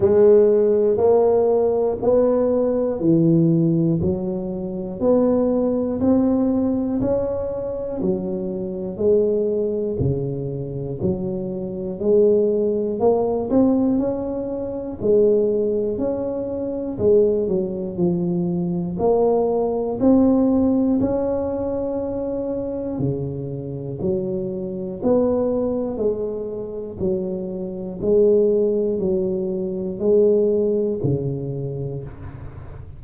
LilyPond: \new Staff \with { instrumentName = "tuba" } { \time 4/4 \tempo 4 = 60 gis4 ais4 b4 e4 | fis4 b4 c'4 cis'4 | fis4 gis4 cis4 fis4 | gis4 ais8 c'8 cis'4 gis4 |
cis'4 gis8 fis8 f4 ais4 | c'4 cis'2 cis4 | fis4 b4 gis4 fis4 | gis4 fis4 gis4 cis4 | }